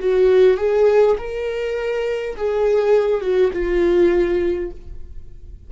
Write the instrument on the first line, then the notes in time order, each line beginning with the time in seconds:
viola
0.00 F#4
0.57 G#4
1.18 A#4
2.36 G#4
3.21 F#4
3.53 F4